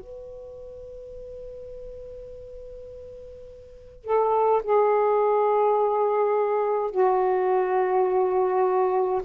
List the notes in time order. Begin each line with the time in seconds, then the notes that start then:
0.00 B4
4.04 A4
4.63 G#4
6.91 F#4